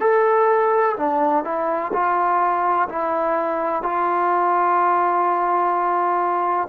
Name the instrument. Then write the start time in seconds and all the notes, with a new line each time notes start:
trombone
0.00 A4
0.96 D4
1.44 E4
1.92 F4
2.89 E4
3.82 F4